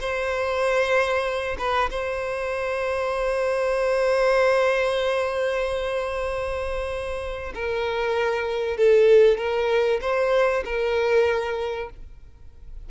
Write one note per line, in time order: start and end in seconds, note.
0.00 1.56 C5
1.58 1.89 B4
1.90 7.53 C5
7.54 8.77 A#4
8.77 9.37 A4
9.37 10.00 A#4
10.01 10.63 C5
10.64 11.89 A#4